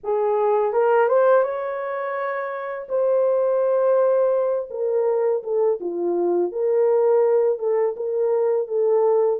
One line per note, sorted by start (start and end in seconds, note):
0.03 0.72 G#4
0.72 1.08 A#4
1.08 1.43 C5
1.43 2.87 C#5
2.88 4.69 C5
4.70 5.42 A#4
5.42 5.79 A4
5.80 6.52 F4
6.52 7.59 A#4
7.59 7.95 A4
7.96 8.67 A#4
8.67 9.39 A4